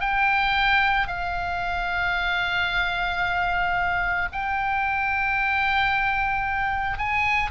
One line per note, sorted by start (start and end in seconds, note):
0.00 1.07 G5
1.07 4.29 F5
4.32 6.98 G5
6.98 7.50 G#5